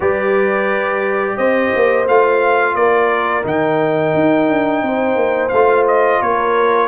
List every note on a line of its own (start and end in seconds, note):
0.00 1.36 G3
0.00 2.06 G4
0.00 1.36 B4
0.00 1.37 D5
1.36 1.72 C4
1.36 2.74 C5
1.36 2.06 D#5
1.75 2.06 A#3
2.06 2.75 A3
2.06 3.43 F4
2.06 2.75 F5
2.75 3.44 A#3
2.75 4.85 A#4
2.75 3.44 D5
3.43 4.14 D#3
3.43 5.50 D#4
3.43 5.48 G5
4.14 4.48 D#4
4.48 4.82 D4
4.82 5.15 C4
4.82 6.20 C5
5.15 5.50 A#3
5.48 6.21 A3
5.48 5.83 F5
5.55 6.87 F4
5.87 6.21 D#5
6.20 6.87 A#3
6.20 6.87 A#4
6.20 6.87 C#5